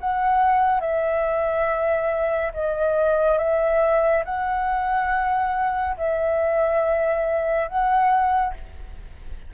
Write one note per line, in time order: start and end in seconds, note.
0.00 0.81 F#5
0.81 2.52 E5
2.54 3.38 D#5
3.38 4.24 E5
4.25 5.96 F#5
5.97 7.68 E5
7.68 8.54 F#5